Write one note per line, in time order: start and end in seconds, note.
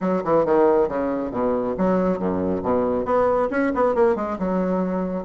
0.00 0.22 F#3
0.24 0.45 E3
0.45 0.88 D#3
0.88 1.31 C#3
1.31 1.75 B2
1.77 2.18 F#3
2.18 2.62 F#2
2.63 3.05 B2
3.05 3.49 B3
3.50 3.72 C#4
3.74 3.94 B3
3.94 4.15 A#3
4.15 4.37 G#3
4.38 5.24 F#3